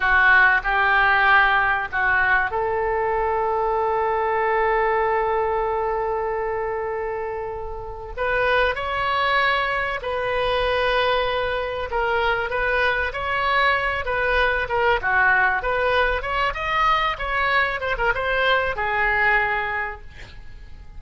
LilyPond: \new Staff \with { instrumentName = "oboe" } { \time 4/4 \tempo 4 = 96 fis'4 g'2 fis'4 | a'1~ | a'1~ | a'4 b'4 cis''2 |
b'2. ais'4 | b'4 cis''4. b'4 ais'8 | fis'4 b'4 cis''8 dis''4 cis''8~ | cis''8 c''16 ais'16 c''4 gis'2 | }